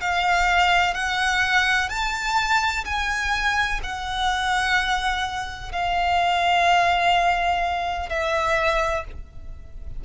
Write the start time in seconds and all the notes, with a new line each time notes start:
0.00 F5
0.94 F#5
1.89 A5
2.85 G#5
3.83 F#5
5.72 F5
8.09 E5